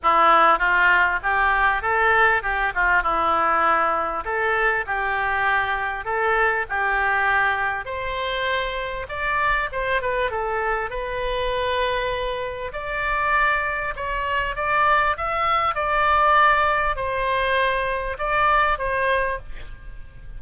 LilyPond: \new Staff \with { instrumentName = "oboe" } { \time 4/4 \tempo 4 = 99 e'4 f'4 g'4 a'4 | g'8 f'8 e'2 a'4 | g'2 a'4 g'4~ | g'4 c''2 d''4 |
c''8 b'8 a'4 b'2~ | b'4 d''2 cis''4 | d''4 e''4 d''2 | c''2 d''4 c''4 | }